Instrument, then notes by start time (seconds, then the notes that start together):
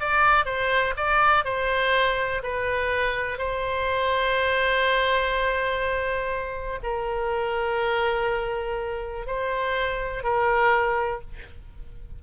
oboe
0.00 D5
0.46 C5
0.97 D5
1.45 C5
2.43 B4
3.38 C5
6.83 A#4
9.27 C5
10.24 A#4